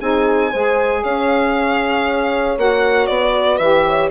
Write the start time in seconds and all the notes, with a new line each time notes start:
0.00 C4 D#4 G#4 G#5
0.50 G#3 G#4 C5
1.03 C#4 C#5 F5
2.57 A#3 F#4 F#5
3.06 B3 D5
3.37 B4
3.57 E3 G4 E5
3.86 C#5